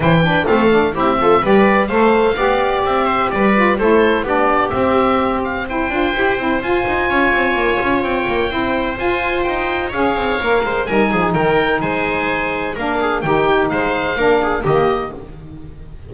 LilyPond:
<<
  \new Staff \with { instrumentName = "oboe" } { \time 4/4 \tempo 4 = 127 g''4 f''4 e''4 d''4 | f''2 e''4 d''4 | c''4 d''4 e''4. f''8 | g''2 gis''2~ |
gis''4 g''2 gis''4 | g''4 f''2 gis''4 | g''4 gis''2 f''4 | g''4 f''2 dis''4 | }
  \new Staff \with { instrumentName = "viola" } { \time 4/4 c''8 b'8 a'4 g'8 a'8 b'4 | c''4 d''4. c''8 b'4 | a'4 g'2. | c''2. cis''4~ |
cis''2 c''2~ | c''4 cis''4. c''8 ais'8 gis'8 | ais'4 c''2 ais'8 gis'8 | g'4 c''4 ais'8 gis'8 g'4 | }
  \new Staff \with { instrumentName = "saxophone" } { \time 4/4 e'8 d'8 c'8 d'8 e'8 f'8 g'4 | a'4 g'2~ g'8 f'8 | e'4 d'4 c'2 | e'8 f'8 g'8 e'8 f'2~ |
f'2 e'4 f'4~ | f'4 gis'4 ais'4 dis'4~ | dis'2. d'4 | dis'2 d'4 ais4 | }
  \new Staff \with { instrumentName = "double bass" } { \time 4/4 e4 a4 c'4 g4 | a4 b4 c'4 g4 | a4 b4 c'2~ | c'8 d'8 e'8 c'8 f'8 dis'8 cis'8 c'8 |
ais8 cis'8 c'8 ais8 c'4 f'4 | dis'4 cis'8 c'8 ais8 gis8 g8 f8 | dis4 gis2 ais4 | dis4 gis4 ais4 dis4 | }
>>